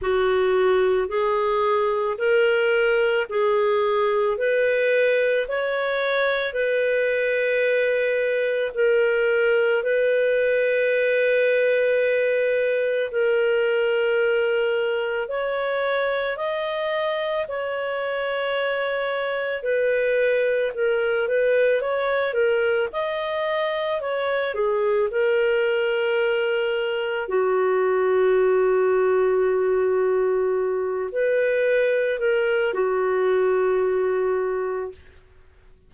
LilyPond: \new Staff \with { instrumentName = "clarinet" } { \time 4/4 \tempo 4 = 55 fis'4 gis'4 ais'4 gis'4 | b'4 cis''4 b'2 | ais'4 b'2. | ais'2 cis''4 dis''4 |
cis''2 b'4 ais'8 b'8 | cis''8 ais'8 dis''4 cis''8 gis'8 ais'4~ | ais'4 fis'2.~ | fis'8 b'4 ais'8 fis'2 | }